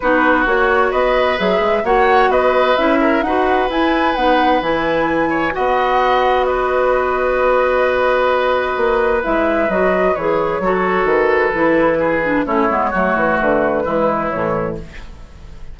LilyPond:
<<
  \new Staff \with { instrumentName = "flute" } { \time 4/4 \tempo 4 = 130 b'4 cis''4 dis''4 e''4 | fis''4 dis''4 e''4 fis''4 | gis''4 fis''4 gis''2 | fis''2 dis''2~ |
dis''1 | e''4 dis''4 cis''2 | b'2. cis''4~ | cis''4 b'2 cis''4 | }
  \new Staff \with { instrumentName = "oboe" } { \time 4/4 fis'2 b'2 | cis''4 b'4. ais'8 b'4~ | b'2.~ b'8 cis''8 | dis''2 b'2~ |
b'1~ | b'2. a'4~ | a'2 gis'4 e'4 | fis'2 e'2 | }
  \new Staff \with { instrumentName = "clarinet" } { \time 4/4 dis'4 fis'2 gis'4 | fis'2 e'4 fis'4 | e'4 dis'4 e'2 | fis'1~ |
fis'1 | e'4 fis'4 gis'4 fis'4~ | fis'4 e'4. d'8 cis'8 b8 | a2 gis4 e4 | }
  \new Staff \with { instrumentName = "bassoon" } { \time 4/4 b4 ais4 b4 fis8 gis8 | ais4 b4 cis'4 dis'4 | e'4 b4 e2 | b1~ |
b2. ais4 | gis4 fis4 e4 fis4 | dis4 e2 a8 gis8 | fis8 e8 d4 e4 a,4 | }
>>